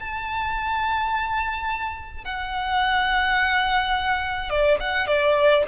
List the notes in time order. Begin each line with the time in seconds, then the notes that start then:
0.00 A5
2.25 F#5
4.50 D5
4.80 F#5
5.07 D5